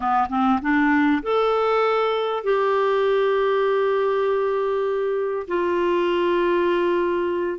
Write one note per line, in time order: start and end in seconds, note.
0.00 0.28 B3
0.29 0.59 C4
0.61 1.22 D4
1.23 2.43 A4
2.43 5.46 G4
5.47 7.58 F4